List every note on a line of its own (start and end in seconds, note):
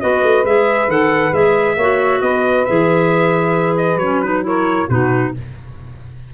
0.00 0.22 B3
0.00 0.44 F#4
0.00 1.76 B4
0.00 0.45 D#5
0.22 0.45 A3
0.45 0.87 G#3
0.45 0.88 G#4
0.45 0.90 E5
0.87 1.32 D#3
0.87 1.32 A4
0.87 1.33 F#5
1.32 1.76 G#3
1.32 1.77 G#4
1.32 2.21 E5
1.76 2.21 A#3
1.76 2.67 F#4
1.76 2.20 C#5
2.21 2.66 B3
2.21 4.45 B4
2.21 2.65 D#5
2.65 3.96 E3
2.65 4.00 G#4
2.65 3.76 E5
3.77 3.98 D#5
3.96 4.85 F#3
3.96 4.24 C#4
3.96 4.20 C#5
4.22 4.43 D#4
4.22 4.44 B4
4.43 4.87 E4
4.43 4.89 A#4
4.43 4.90 C#5
4.89 5.34 B2
4.89 5.34 D#4
4.89 5.34 F#4
4.89 5.34 B4